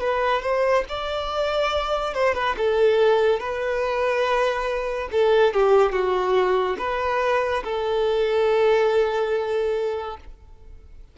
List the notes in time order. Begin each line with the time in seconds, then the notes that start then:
0.00 B4
0.42 C5
0.89 D5
2.14 C5
2.35 B4
2.57 A4
3.40 B4
5.12 A4
5.54 G4
5.92 F#4
6.79 B4
7.64 A4